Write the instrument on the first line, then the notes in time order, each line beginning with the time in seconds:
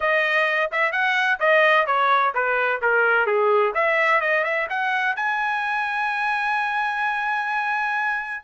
trumpet
0.00 D#5
0.71 E5
0.92 F#5
1.39 D#5
1.86 C#5
2.34 B4
2.81 A#4
3.26 G#4
3.74 E5
4.21 D#5
4.44 E5
4.69 F#5
5.15 G#5